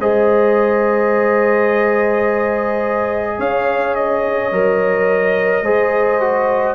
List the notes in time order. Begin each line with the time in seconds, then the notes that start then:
0.00 G#3 G#4 C5 D#5
3.38 C#4 C#5 F5
3.95 D#5
4.52 F#3 A#4
5.62 G#3 G#4 C5
6.21 F#4